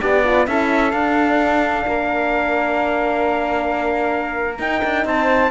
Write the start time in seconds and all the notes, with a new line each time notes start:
0.00 B3 D4 G4 D5
0.24 F4
0.46 C#4 E4 A4 E5
0.91 D4 F5
1.87 A#3 A#4
4.58 D#4 G5
4.84 D4
5.04 C4 C5 A5